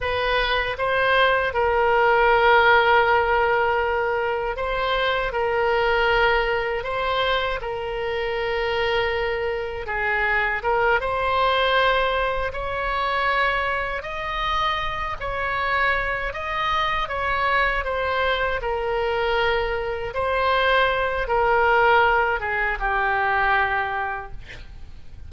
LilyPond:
\new Staff \with { instrumentName = "oboe" } { \time 4/4 \tempo 4 = 79 b'4 c''4 ais'2~ | ais'2 c''4 ais'4~ | ais'4 c''4 ais'2~ | ais'4 gis'4 ais'8 c''4.~ |
c''8 cis''2 dis''4. | cis''4. dis''4 cis''4 c''8~ | c''8 ais'2 c''4. | ais'4. gis'8 g'2 | }